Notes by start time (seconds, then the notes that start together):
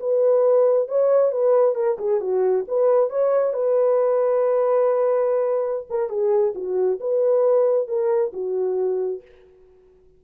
0.00 B4
0.89 C#5
1.32 B4
1.76 A#4
1.99 G#4
2.21 F#4
2.68 B4
3.10 C#5
3.54 B4
5.90 A#4
6.10 G#4
6.55 F#4
7.01 B4
7.88 A#4
8.34 F#4